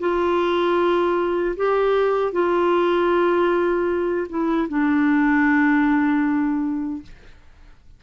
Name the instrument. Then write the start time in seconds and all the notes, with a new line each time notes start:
clarinet
0.00 F4
1.57 G4
2.33 F4
4.30 E4
4.69 D4